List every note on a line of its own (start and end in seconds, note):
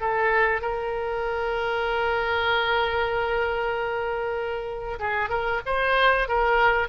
0.00 0.61 A4
0.61 4.99 A#4
4.99 5.29 G#4
5.29 5.61 A#4
5.65 6.28 C5
6.28 6.88 A#4